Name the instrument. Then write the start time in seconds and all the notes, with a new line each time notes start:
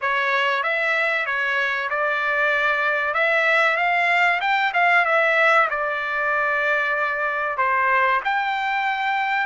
trumpet
0.01 C#5
0.63 E5
1.26 C#5
1.89 D5
3.13 E5
3.77 F5
4.40 G5
4.73 F5
5.05 E5
5.70 D5
7.57 C5
8.24 G5